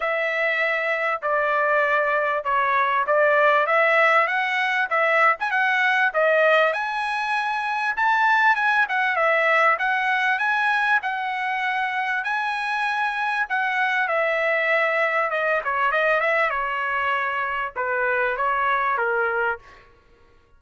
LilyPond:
\new Staff \with { instrumentName = "trumpet" } { \time 4/4 \tempo 4 = 98 e''2 d''2 | cis''4 d''4 e''4 fis''4 | e''8. gis''16 fis''4 dis''4 gis''4~ | gis''4 a''4 gis''8 fis''8 e''4 |
fis''4 gis''4 fis''2 | gis''2 fis''4 e''4~ | e''4 dis''8 cis''8 dis''8 e''8 cis''4~ | cis''4 b'4 cis''4 ais'4 | }